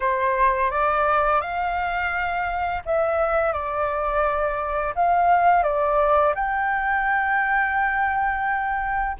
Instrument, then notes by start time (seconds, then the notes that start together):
flute
0.00 C5
0.71 D5
1.41 F5
2.85 E5
3.53 D5
4.95 F5
5.63 D5
6.34 G5